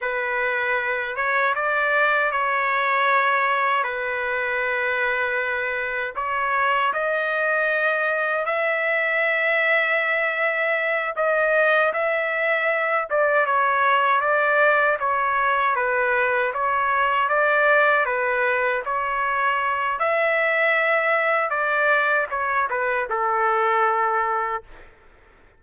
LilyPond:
\new Staff \with { instrumentName = "trumpet" } { \time 4/4 \tempo 4 = 78 b'4. cis''8 d''4 cis''4~ | cis''4 b'2. | cis''4 dis''2 e''4~ | e''2~ e''8 dis''4 e''8~ |
e''4 d''8 cis''4 d''4 cis''8~ | cis''8 b'4 cis''4 d''4 b'8~ | b'8 cis''4. e''2 | d''4 cis''8 b'8 a'2 | }